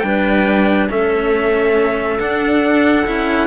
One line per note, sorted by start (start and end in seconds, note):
0.00 0.89 G3
0.00 0.89 D4
0.00 0.91 B4
0.00 0.86 G5
0.89 2.21 A3
0.89 2.19 C#4
0.89 3.47 A4
0.89 2.20 E5
2.20 3.06 D4
2.20 3.07 D4
2.20 3.47 F#5
3.07 3.47 C#4
3.07 3.47 E4